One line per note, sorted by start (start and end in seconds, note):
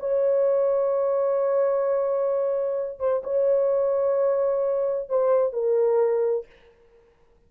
0.00 3.00 C#5
3.00 3.23 C5
3.24 5.10 C#5
5.10 5.53 C5
5.53 6.47 A#4